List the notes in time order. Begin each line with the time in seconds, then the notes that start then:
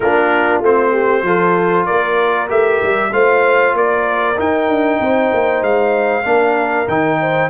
0.00 A#3 D4 F4 A#4
0.60 A3 C4 C5
0.91 G4
1.22 F3 F4 A4
1.85 A#3 A#4 D5
2.48 A3 G4 E5
2.83 G3
3.12 A3 F4 C5 F5
3.74 A#3 A#4 D5
4.35 D#4 G5
4.68 D4
5.00 C4 C5
5.33 A#3
5.62 G#3 F5
6.23 A#3 D4 A#4
6.87 D#3 D#4 G5
7.20 C5